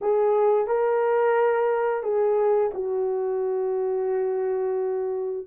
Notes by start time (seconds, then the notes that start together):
0.01 G#4
0.67 A#4
2.03 G#4
2.74 F#4